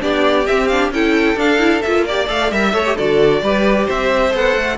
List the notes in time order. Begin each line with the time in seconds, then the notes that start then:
0.00 B3 D4 G4 D5
0.47 C4 E5
0.68 D4 F5
0.90 C#4 E4 A4 G5
1.36 D4 F5
1.59 E4
1.82 A#3 F4 E5
2.06 G4 D5
2.28 A3 A4 F5
2.52 G3 A#4 E5
2.73 A3 A4 C#5
2.86 G4
2.96 D3 F#4 A4 D5
3.42 G3 G4 B4
3.86 C4 C5 E5
4.31 B3 A4 F#5
4.56 A3